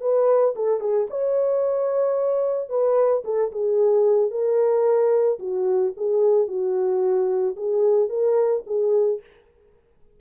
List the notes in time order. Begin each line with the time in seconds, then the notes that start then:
0.00 B4
0.56 A4
0.80 G#4
1.10 C#5
2.69 B4
3.24 A4
3.51 G#4
4.31 A#4
5.39 F#4
5.96 G#4
6.47 F#4
7.56 G#4
8.09 A#4
8.66 G#4